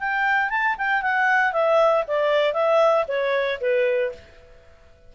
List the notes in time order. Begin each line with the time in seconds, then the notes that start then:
0.00 G5
0.50 A5
0.78 G5
1.02 F#5
1.53 E5
2.07 D5
2.53 E5
3.08 C#5
3.60 B4